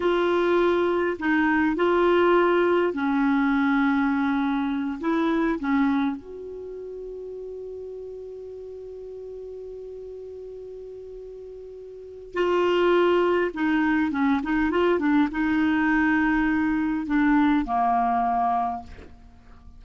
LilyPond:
\new Staff \with { instrumentName = "clarinet" } { \time 4/4 \tempo 4 = 102 f'2 dis'4 f'4~ | f'4 cis'2.~ | cis'8 e'4 cis'4 fis'4.~ | fis'1~ |
fis'1~ | fis'4 f'2 dis'4 | cis'8 dis'8 f'8 d'8 dis'2~ | dis'4 d'4 ais2 | }